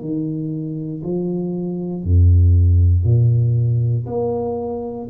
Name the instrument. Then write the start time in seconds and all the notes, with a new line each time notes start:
tuba
0.00 D#3
1.03 F3
2.03 F2
3.04 A#2
4.06 A#3